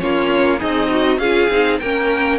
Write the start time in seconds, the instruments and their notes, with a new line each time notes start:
0.00 cello A#3, viola C#4, violin F4 C#5
0.59 cello C4, violin D#4 D#5, viola G#4
0.91 viola F#4
1.19 cello C#4, viola F4, violin G#4 F5
1.51 cello C4, viola D#4
1.80 cello A#3, viola C#4, violin A#4 G5